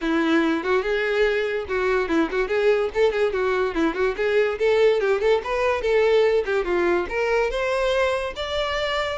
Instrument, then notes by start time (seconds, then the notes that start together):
violin
0.01 E4
0.63 F#4
0.82 G#4
1.68 F#4
2.08 E4
2.31 F#4
2.48 G#4
2.94 A4
3.12 G#4
3.32 F#4
3.74 E4
3.94 F#4
4.16 G#4
4.58 A4
5.00 G4
5.20 A4
5.44 B4
5.81 A4
6.45 G4
6.64 F4
7.09 A#4
7.50 C5
8.35 D5